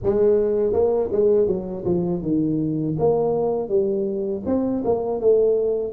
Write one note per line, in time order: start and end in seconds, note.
0.03 0.72 G#3
0.72 1.09 A#3
1.11 1.47 G#3
1.47 1.84 F#3
1.85 2.22 F3
2.22 2.96 D#3
2.98 3.68 A#3
3.68 4.42 G3
4.46 4.83 C4
4.84 5.20 A#3
5.20 5.93 A3